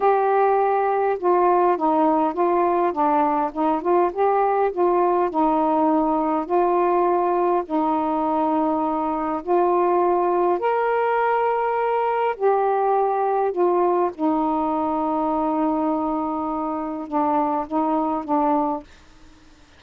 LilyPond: \new Staff \with { instrumentName = "saxophone" } { \time 4/4 \tempo 4 = 102 g'2 f'4 dis'4 | f'4 d'4 dis'8 f'8 g'4 | f'4 dis'2 f'4~ | f'4 dis'2. |
f'2 ais'2~ | ais'4 g'2 f'4 | dis'1~ | dis'4 d'4 dis'4 d'4 | }